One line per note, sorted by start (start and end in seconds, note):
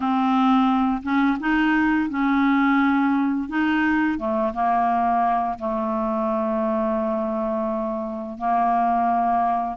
0.00 1.02 C4
1.02 1.37 C#4
1.40 2.09 D#4
2.09 3.49 C#4
3.49 4.18 D#4
4.18 4.53 A3
4.53 5.58 A#3
5.58 8.38 A3
8.38 9.76 A#3